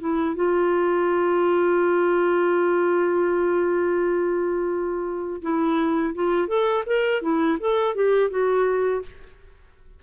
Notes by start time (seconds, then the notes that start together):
0.00 E4
0.35 F4
5.42 E4
6.15 F4
6.48 A4
6.87 A#4
7.22 E4
7.60 A4
7.95 G4
8.30 F#4